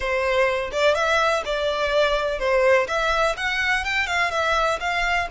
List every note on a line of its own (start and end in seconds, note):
0.00 0.71 C5
0.72 0.94 D5
0.94 1.42 E5
1.45 2.39 D5
2.39 2.87 C5
2.87 3.35 E5
3.36 3.84 F#5
3.84 4.06 G5
4.06 4.30 F5
4.31 4.79 E5
4.80 5.28 F5